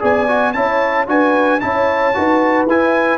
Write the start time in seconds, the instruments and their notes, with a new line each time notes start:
0.00 tuba B3, trombone G#4, horn D5, trumpet G#5
0.28 trombone F#4
0.53 tuba C#4, trombone E4, horn C#5, trumpet A5
1.07 tuba D4, trombone F#4, horn B4, trumpet G#5
1.60 tuba C#4, trombone E4, horn C#5, trumpet A5
2.14 tuba D#4, trombone F#4, horn B4
2.66 tuba E4, trombone E4, trumpet G#5